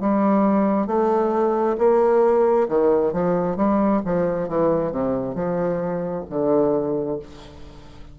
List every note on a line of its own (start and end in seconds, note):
0.00 0.87 G3
0.87 1.76 A3
1.78 2.68 A#3
2.68 3.13 D#3
3.13 3.57 F3
3.57 4.01 G3
4.05 4.49 F3
4.49 4.91 E3
4.91 5.34 C3
5.34 6.24 F3
6.29 7.19 D3